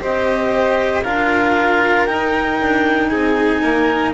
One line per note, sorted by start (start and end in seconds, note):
0.00 1.05 C4
0.00 1.03 G4
0.00 1.03 C5
0.00 1.04 D#5
1.03 2.08 D4
1.03 2.08 F4
1.03 3.10 A#4
1.03 2.06 F5
2.06 4.14 D#4
2.06 2.60 D#4
2.06 3.08 G5
2.61 3.12 D4
3.08 3.63 C4
3.08 3.62 G#4
3.08 4.12 G#5
3.62 4.14 A#3
3.62 4.13 A#4